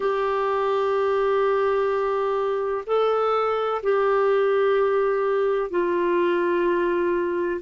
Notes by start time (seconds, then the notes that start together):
0.00 G4
2.86 A4
3.83 G4
5.70 F4